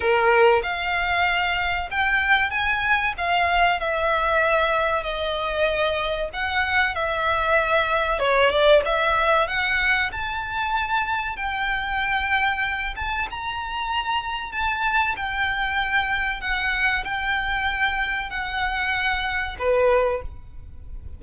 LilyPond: \new Staff \with { instrumentName = "violin" } { \time 4/4 \tempo 4 = 95 ais'4 f''2 g''4 | gis''4 f''4 e''2 | dis''2 fis''4 e''4~ | e''4 cis''8 d''8 e''4 fis''4 |
a''2 g''2~ | g''8 a''8 ais''2 a''4 | g''2 fis''4 g''4~ | g''4 fis''2 b'4 | }